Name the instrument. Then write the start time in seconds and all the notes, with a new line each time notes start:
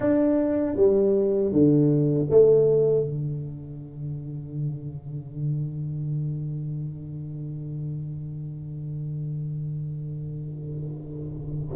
tuba
0.00 D4
0.76 G3
1.52 D3
2.30 A3
3.04 D3